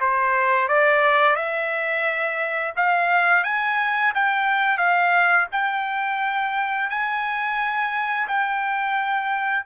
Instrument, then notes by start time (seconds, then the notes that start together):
trumpet
0.00 C5
0.68 D5
1.35 E5
2.76 F5
3.44 G#5
4.14 G5
4.77 F5
5.51 G5
6.89 G#5
8.28 G5